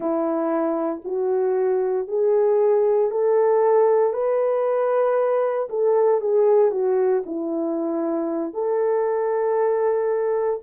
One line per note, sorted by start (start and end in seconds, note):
0.00 1.01 E4
1.04 2.07 F#4
2.07 3.10 G#4
3.10 4.13 A4
4.13 5.68 B4
5.69 6.21 A4
6.21 6.71 G#4
6.71 7.23 F#4
7.26 8.53 E4
8.53 10.60 A4